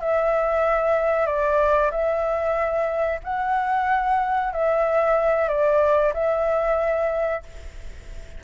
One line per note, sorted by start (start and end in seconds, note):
0.00 1.26 E5
1.26 1.90 D5
1.91 3.20 E5
3.23 4.52 F#5
4.52 5.48 E5
5.48 6.12 D5
6.13 7.42 E5